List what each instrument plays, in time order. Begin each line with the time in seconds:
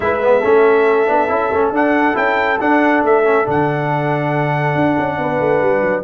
0.00 tuba G#3, trombone E4, horn B4, trumpet E5
0.21 trombone B3
0.40 tuba A3, trombone C#4, horn A4
1.07 tuba B3, trombone D4
1.28 tuba C#4, trombone E4
1.52 tuba A3, trombone C#4
1.71 tuba D4, trombone D4, trumpet F#5
2.13 tuba C#4, trombone E4, trumpet G5
2.60 trombone D4, tuba D4, trumpet F#5
3.03 tuba A3, trumpet E5
3.23 trombone C#4
3.45 tuba D3, trombone D4, trumpet F#5
4.75 tuba D4
4.97 tuba C#4
5.18 tuba B3, horn B4
5.39 tuba A3
5.61 tuba G3
5.81 tuba F#3